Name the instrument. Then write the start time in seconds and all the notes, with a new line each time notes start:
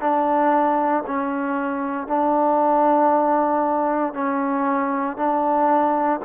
trombone
0.00 D4
1.06 C#4
2.07 D4
4.13 C#4
5.16 D4